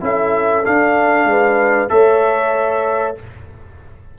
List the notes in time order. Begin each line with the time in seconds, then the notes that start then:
0.00 C#4 E4 A4 E5
0.64 D4 F5
1.25 G#3 B4
1.89 A3 A4 C#5 E5